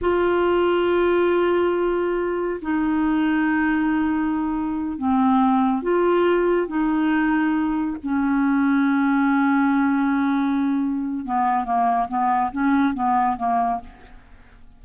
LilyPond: \new Staff \with { instrumentName = "clarinet" } { \time 4/4 \tempo 4 = 139 f'1~ | f'2 dis'2~ | dis'2.~ dis'8 c'8~ | c'4. f'2 dis'8~ |
dis'2~ dis'8 cis'4.~ | cis'1~ | cis'2 b4 ais4 | b4 cis'4 b4 ais4 | }